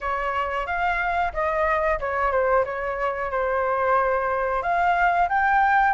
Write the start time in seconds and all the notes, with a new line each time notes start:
0.00 C#5
0.66 F5
1.33 D#5
1.99 C#5
2.31 C5
2.64 C#5
3.30 C5
4.62 F5
5.29 G5